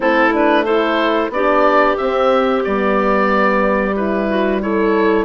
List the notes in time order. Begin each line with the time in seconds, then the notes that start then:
0.00 A3 C4 E4 A4
0.33 D4 B4
0.64 E4 A4 C5
1.29 B3 D4 G4 D5
1.97 C4 E5
2.64 G3 B3 D5
3.96 E4 B4
4.29 F#4
4.61 E4 A4 C#5